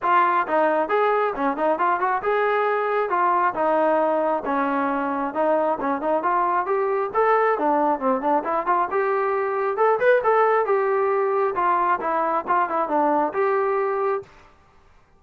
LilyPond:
\new Staff \with { instrumentName = "trombone" } { \time 4/4 \tempo 4 = 135 f'4 dis'4 gis'4 cis'8 dis'8 | f'8 fis'8 gis'2 f'4 | dis'2 cis'2 | dis'4 cis'8 dis'8 f'4 g'4 |
a'4 d'4 c'8 d'8 e'8 f'8 | g'2 a'8 b'8 a'4 | g'2 f'4 e'4 | f'8 e'8 d'4 g'2 | }